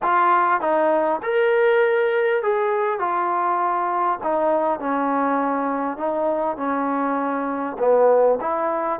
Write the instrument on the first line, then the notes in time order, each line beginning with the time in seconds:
trombone
0.02 F4
0.60 D#4
1.22 A#4
2.42 G#4
2.99 F4
4.23 D#4
4.79 C#4
5.97 D#4
6.56 C#4
7.78 B3
8.40 E4